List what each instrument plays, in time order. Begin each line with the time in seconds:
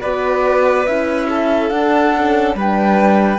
0.00 cello B3, horn F#4, violin B4, flute D5
0.86 cello C#4, horn E4, flute E5
1.29 violin A4
1.69 horn D4, cello D4, flute F#5
2.16 horn C#4
2.54 cello G3, horn D4, violin B4, flute G5